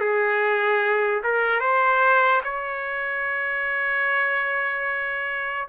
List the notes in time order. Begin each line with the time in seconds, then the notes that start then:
0.00 G#4
1.23 A#4
1.60 C5
2.44 C#5